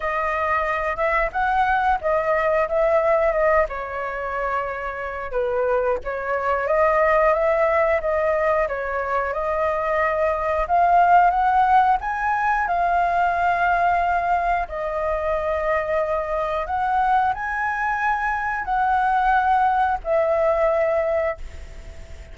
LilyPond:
\new Staff \with { instrumentName = "flute" } { \time 4/4 \tempo 4 = 90 dis''4. e''8 fis''4 dis''4 | e''4 dis''8 cis''2~ cis''8 | b'4 cis''4 dis''4 e''4 | dis''4 cis''4 dis''2 |
f''4 fis''4 gis''4 f''4~ | f''2 dis''2~ | dis''4 fis''4 gis''2 | fis''2 e''2 | }